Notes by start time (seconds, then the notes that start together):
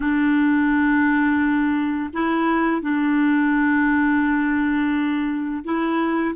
0.00 D4
2.13 E4
2.81 D4
5.64 E4